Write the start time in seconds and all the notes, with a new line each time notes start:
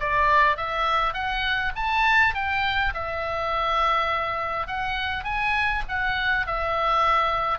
0.00 D5
0.57 E5
1.13 F#5
1.75 A5
2.34 G5
2.94 E5
4.67 F#5
5.24 G#5
5.88 F#5
6.46 E5